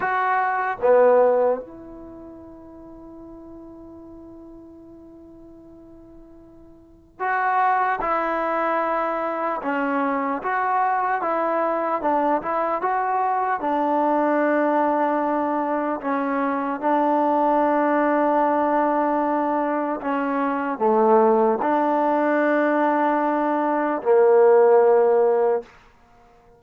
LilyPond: \new Staff \with { instrumentName = "trombone" } { \time 4/4 \tempo 4 = 75 fis'4 b4 e'2~ | e'1~ | e'4 fis'4 e'2 | cis'4 fis'4 e'4 d'8 e'8 |
fis'4 d'2. | cis'4 d'2.~ | d'4 cis'4 a4 d'4~ | d'2 ais2 | }